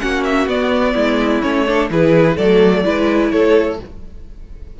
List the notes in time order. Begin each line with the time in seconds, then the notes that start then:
0.00 A#3 C#4 F#4 F#5
0.24 E5
0.47 B3 D5
0.94 G#3 E4
1.42 A3 C#4 C#5
1.66 D4 A4
1.90 E3 E4 G#4 B4
2.36 F#3 A3 A4 D5
2.84 G#3 E4 B4
3.31 A3 A4 C#5